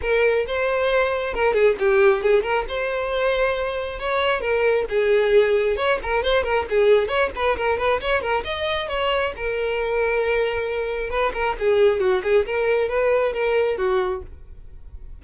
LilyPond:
\new Staff \with { instrumentName = "violin" } { \time 4/4 \tempo 4 = 135 ais'4 c''2 ais'8 gis'8 | g'4 gis'8 ais'8 c''2~ | c''4 cis''4 ais'4 gis'4~ | gis'4 cis''8 ais'8 c''8 ais'8 gis'4 |
cis''8 b'8 ais'8 b'8 cis''8 ais'8 dis''4 | cis''4 ais'2.~ | ais'4 b'8 ais'8 gis'4 fis'8 gis'8 | ais'4 b'4 ais'4 fis'4 | }